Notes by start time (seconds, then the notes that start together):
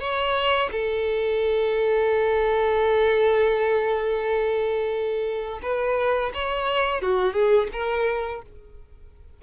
0.00 C#5
0.72 A4
5.62 B4
6.34 C#5
7.01 F#4
7.33 G#4
7.73 A#4